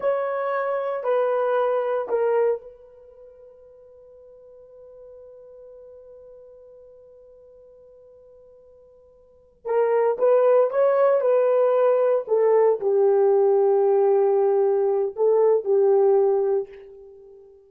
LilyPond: \new Staff \with { instrumentName = "horn" } { \time 4/4 \tempo 4 = 115 cis''2 b'2 | ais'4 b'2.~ | b'1~ | b'1~ |
b'2~ b'8 ais'4 b'8~ | b'8 cis''4 b'2 a'8~ | a'8 g'2.~ g'8~ | g'4 a'4 g'2 | }